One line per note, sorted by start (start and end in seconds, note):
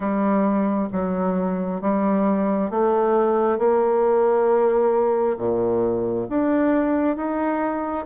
0.00 0.88 G3
0.92 1.81 F#3
1.81 2.70 G3
2.70 3.58 A3
3.58 5.37 A#3
5.37 6.27 A#2
6.29 7.16 D4
7.16 8.05 D#4